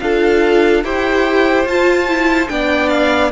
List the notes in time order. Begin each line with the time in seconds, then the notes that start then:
0.00 D4 F4 A4 F5
0.84 E4 G4 C5 G5
1.65 F4 A5
2.08 E4
2.49 B3 D4 D5 G5
2.89 F5